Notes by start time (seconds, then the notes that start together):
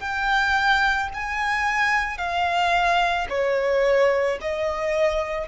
0.00 G5
1.14 G#5
2.18 F5
3.30 C#5
4.41 D#5